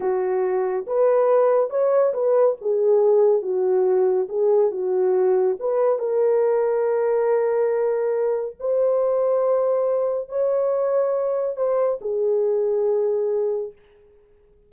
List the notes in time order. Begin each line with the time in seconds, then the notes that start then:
0.00 F#4
0.86 B4
1.70 C#5
2.13 B4
2.61 G#4
3.42 F#4
4.28 G#4
4.71 F#4
5.59 B4
5.98 A#4
8.59 C5
10.28 C#5
11.56 C5
12.01 G#4